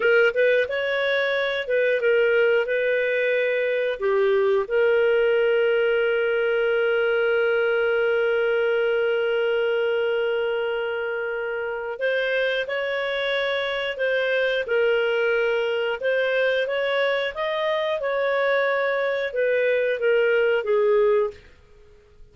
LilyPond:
\new Staff \with { instrumentName = "clarinet" } { \time 4/4 \tempo 4 = 90 ais'8 b'8 cis''4. b'8 ais'4 | b'2 g'4 ais'4~ | ais'1~ | ais'1~ |
ais'2 c''4 cis''4~ | cis''4 c''4 ais'2 | c''4 cis''4 dis''4 cis''4~ | cis''4 b'4 ais'4 gis'4 | }